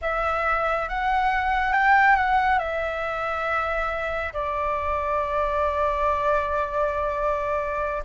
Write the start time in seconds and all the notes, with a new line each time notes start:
0.01 E5
0.89 F#5
1.72 G5
2.15 F#5
2.58 E5
4.33 D5